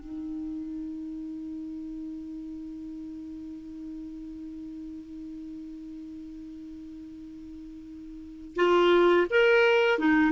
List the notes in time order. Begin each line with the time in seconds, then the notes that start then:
0.00 D#4
8.56 F4
9.30 A#4
9.99 D#4